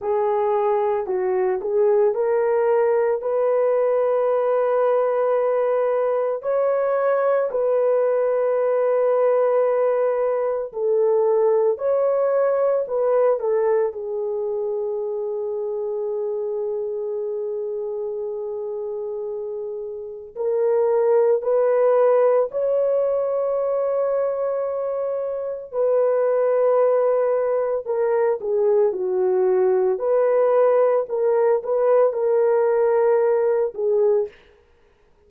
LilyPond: \new Staff \with { instrumentName = "horn" } { \time 4/4 \tempo 4 = 56 gis'4 fis'8 gis'8 ais'4 b'4~ | b'2 cis''4 b'4~ | b'2 a'4 cis''4 | b'8 a'8 gis'2.~ |
gis'2. ais'4 | b'4 cis''2. | b'2 ais'8 gis'8 fis'4 | b'4 ais'8 b'8 ais'4. gis'8 | }